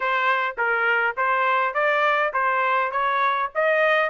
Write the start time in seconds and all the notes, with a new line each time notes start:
0.00 C5
0.57 A#4
1.17 C5
1.74 D5
2.33 C5
2.91 C#5
3.54 D#5